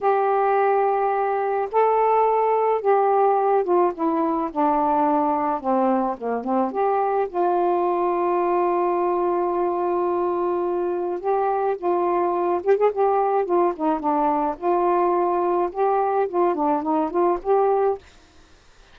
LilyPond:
\new Staff \with { instrumentName = "saxophone" } { \time 4/4 \tempo 4 = 107 g'2. a'4~ | a'4 g'4. f'8 e'4 | d'2 c'4 ais8 c'8 | g'4 f'2.~ |
f'1 | g'4 f'4. g'16 gis'16 g'4 | f'8 dis'8 d'4 f'2 | g'4 f'8 d'8 dis'8 f'8 g'4 | }